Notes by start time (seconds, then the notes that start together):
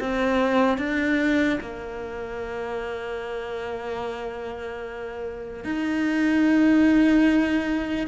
0.00 C4
0.78 D4
1.60 A#3
5.64 D#4